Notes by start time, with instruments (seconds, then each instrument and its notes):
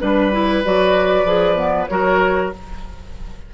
0.00 bassoon G3, clarinet D4, flute B4, oboe B4
0.32 clarinet E4
0.64 bassoon F#3, clarinet F#4, flute D5
1.25 bassoon F3, clarinet G#4
1.56 clarinet B3
1.86 bassoon F#3, clarinet F#4, oboe A#4, flute C#5